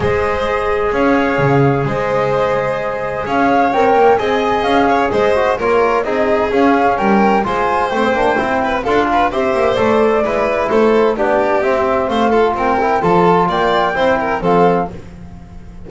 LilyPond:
<<
  \new Staff \with { instrumentName = "flute" } { \time 4/4 \tempo 4 = 129 dis''2 f''2 | dis''2. f''4 | g''4 gis''4 f''4 dis''4 | cis''4 dis''4 f''4 g''4 |
gis''4 g''2 f''4 | e''4 d''2 c''4 | d''4 e''4 f''4 g''4 | a''4 g''2 f''4 | }
  \new Staff \with { instrumentName = "violin" } { \time 4/4 c''2 cis''2 | c''2. cis''4~ | cis''4 dis''4. cis''8 c''4 | ais'4 gis'2 ais'4 |
c''2~ c''8 b'8 a'8 b'8 | c''2 b'4 a'4 | g'2 c''8 a'8 ais'4 | a'4 d''4 c''8 ais'8 a'4 | }
  \new Staff \with { instrumentName = "trombone" } { \time 4/4 gis'1~ | gis'1 | ais'4 gis'2~ gis'8 fis'8 | f'4 dis'4 cis'2 |
f'4 c'8 d'8 e'4 f'4 | g'4 a'4 e'2 | d'4 c'4. f'4 e'8 | f'2 e'4 c'4 | }
  \new Staff \with { instrumentName = "double bass" } { \time 4/4 gis2 cis'4 cis4 | gis2. cis'4 | c'8 ais8 c'4 cis'4 gis4 | ais4 c'4 cis'4 g4 |
gis4 a8 ais8 c'4 d'4 | c'8 ais8 a4 gis4 a4 | b4 c'4 a4 c'4 | f4 ais4 c'4 f4 | }
>>